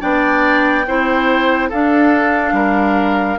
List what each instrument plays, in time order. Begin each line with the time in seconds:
0.00 bassoon B3, clarinet D4, oboe D5, flute G5
0.87 bassoon C4, clarinet E4, oboe C5
1.69 bassoon D4, clarinet D4, oboe A4, flute F5
2.53 bassoon G3, oboe A#4